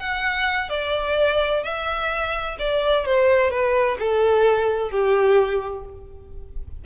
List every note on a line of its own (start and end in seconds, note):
0.00 0.70 F#5
0.70 1.64 D5
1.64 2.58 E5
2.60 3.06 D5
3.06 3.51 C5
3.51 3.98 B4
4.00 4.91 A4
4.91 5.85 G4